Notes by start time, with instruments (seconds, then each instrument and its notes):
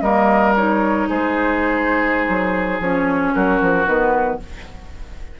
0.00 bassoon G3, clarinet A#3, oboe A#4, flute D#5
0.56 clarinet D#4, flute C#5
1.09 bassoon G#3, oboe G#4, flute C5
2.28 bassoon F#3
2.79 bassoon F3, clarinet C#4, flute C#5
3.34 bassoon F#3, oboe F#4, flute A#4
3.61 bassoon F3
3.86 bassoon D#3, clarinet B3, flute B4